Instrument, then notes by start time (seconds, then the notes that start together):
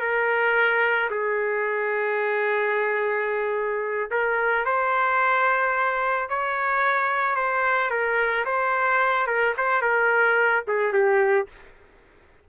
trumpet
0.00 A#4
1.10 G#4
4.10 A#4
4.65 C5
6.29 C#5
7.35 C5
7.90 A#4
8.45 C5
9.26 A#4
9.57 C5
9.81 A#4
10.67 G#4
10.92 G4